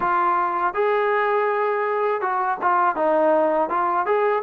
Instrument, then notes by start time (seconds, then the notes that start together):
trombone
0.00 F4
0.74 G#4
2.21 F#4
2.61 F4
2.95 D#4
3.69 F4
4.06 G#4